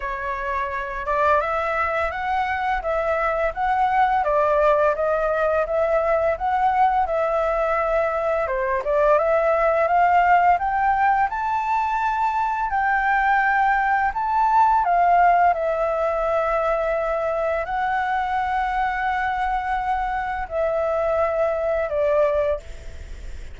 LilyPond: \new Staff \with { instrumentName = "flute" } { \time 4/4 \tempo 4 = 85 cis''4. d''8 e''4 fis''4 | e''4 fis''4 d''4 dis''4 | e''4 fis''4 e''2 | c''8 d''8 e''4 f''4 g''4 |
a''2 g''2 | a''4 f''4 e''2~ | e''4 fis''2.~ | fis''4 e''2 d''4 | }